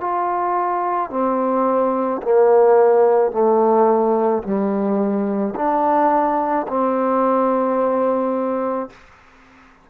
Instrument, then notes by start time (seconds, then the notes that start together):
trombone
0.00 F4
1.10 C4
2.22 A#3
3.31 A3
4.43 G3
5.56 D4
6.68 C4